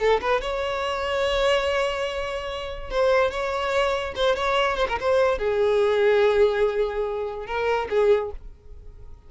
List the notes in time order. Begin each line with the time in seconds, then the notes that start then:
0.00 A4
0.22 B4
0.41 C#5
2.91 C5
3.31 C#5
4.16 C5
4.36 C#5
4.77 C5
4.89 A#4
5.01 C5
5.39 G#4
7.47 A#4
7.90 G#4